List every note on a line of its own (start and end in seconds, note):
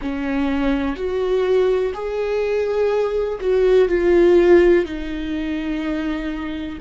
0.01 0.96 C#4
0.96 1.93 F#4
1.94 3.39 G#4
3.40 3.88 F#4
3.88 4.85 F4
4.85 6.78 D#4